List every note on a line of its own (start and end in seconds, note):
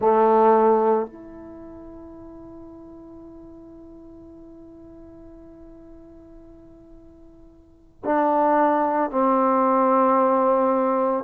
0.00 1.06 A3
1.06 8.02 E4
8.04 9.10 D4
9.10 11.24 C4